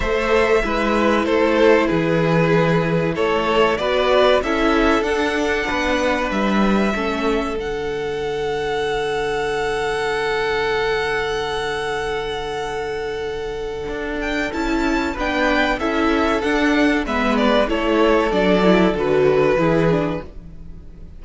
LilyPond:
<<
  \new Staff \with { instrumentName = "violin" } { \time 4/4 \tempo 4 = 95 e''2 c''4 b'4~ | b'4 cis''4 d''4 e''4 | fis''2 e''2 | fis''1~ |
fis''1~ | fis''2~ fis''8 g''8 a''4 | g''4 e''4 fis''4 e''8 d''8 | cis''4 d''4 b'2 | }
  \new Staff \with { instrumentName = "violin" } { \time 4/4 c''4 b'4 a'4 gis'4~ | gis'4 a'4 b'4 a'4~ | a'4 b'2 a'4~ | a'1~ |
a'1~ | a'1 | b'4 a'2 b'4 | a'2. gis'4 | }
  \new Staff \with { instrumentName = "viola" } { \time 4/4 a'4 e'2.~ | e'2 fis'4 e'4 | d'2. cis'4 | d'1~ |
d'1~ | d'2. e'4 | d'4 e'4 d'4 b4 | e'4 d'8 e'8 fis'4 e'8 d'8 | }
  \new Staff \with { instrumentName = "cello" } { \time 4/4 a4 gis4 a4 e4~ | e4 a4 b4 cis'4 | d'4 b4 g4 a4 | d1~ |
d1~ | d2 d'4 cis'4 | b4 cis'4 d'4 gis4 | a4 fis4 d4 e4 | }
>>